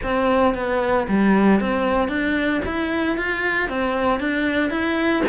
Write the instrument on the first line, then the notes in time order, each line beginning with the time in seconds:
cello
0.03 C4
0.54 B3
1.08 G3
1.60 C4
2.08 D4
2.65 E4
3.17 F4
3.68 C4
4.20 D4
4.70 E4